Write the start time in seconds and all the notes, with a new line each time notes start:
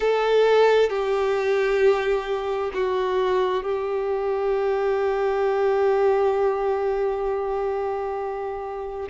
0.00 A4
0.89 G4
2.74 F#4
3.63 G4